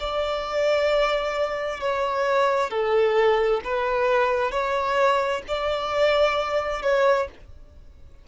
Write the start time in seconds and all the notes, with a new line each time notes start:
0.00 D5
1.80 C#5
2.70 A4
3.64 B4
4.51 C#5
5.48 D5
6.82 C#5